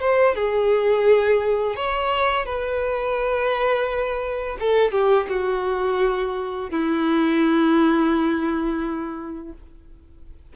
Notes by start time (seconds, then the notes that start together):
0.00 C5
0.35 G#4
1.76 C#5
2.45 B4
4.59 A4
4.92 G4
5.29 F#4
6.70 E4